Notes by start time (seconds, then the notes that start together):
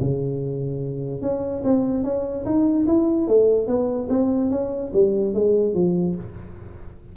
0.00 C#3
1.22 C#4
1.64 C4
2.04 C#4
2.45 D#4
2.87 E4
3.28 A3
3.67 B3
4.09 C4
4.51 C#4
4.93 G3
5.34 G#3
5.74 F3